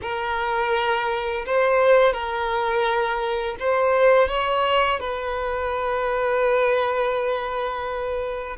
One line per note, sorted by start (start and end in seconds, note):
0.02 1.44 A#4
1.46 2.13 C5
2.13 3.56 A#4
3.59 4.28 C5
4.28 5.00 C#5
5.00 8.57 B4